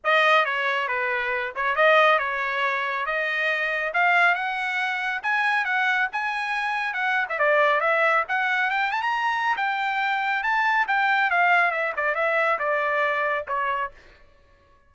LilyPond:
\new Staff \with { instrumentName = "trumpet" } { \time 4/4 \tempo 4 = 138 dis''4 cis''4 b'4. cis''8 | dis''4 cis''2 dis''4~ | dis''4 f''4 fis''2 | gis''4 fis''4 gis''2 |
fis''8. e''16 d''4 e''4 fis''4 | g''8 a''16 ais''4~ ais''16 g''2 | a''4 g''4 f''4 e''8 d''8 | e''4 d''2 cis''4 | }